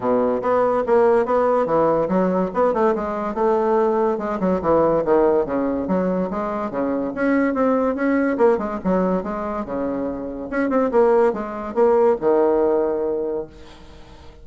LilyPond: \new Staff \with { instrumentName = "bassoon" } { \time 4/4 \tempo 4 = 143 b,4 b4 ais4 b4 | e4 fis4 b8 a8 gis4 | a2 gis8 fis8 e4 | dis4 cis4 fis4 gis4 |
cis4 cis'4 c'4 cis'4 | ais8 gis8 fis4 gis4 cis4~ | cis4 cis'8 c'8 ais4 gis4 | ais4 dis2. | }